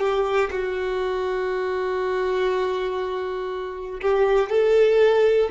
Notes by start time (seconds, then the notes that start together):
0.00 G4
0.50 F#4
4.01 G4
4.50 A4